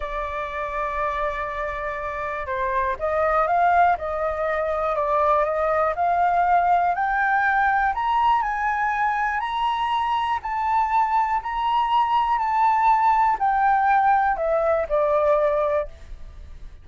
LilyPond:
\new Staff \with { instrumentName = "flute" } { \time 4/4 \tempo 4 = 121 d''1~ | d''4 c''4 dis''4 f''4 | dis''2 d''4 dis''4 | f''2 g''2 |
ais''4 gis''2 ais''4~ | ais''4 a''2 ais''4~ | ais''4 a''2 g''4~ | g''4 e''4 d''2 | }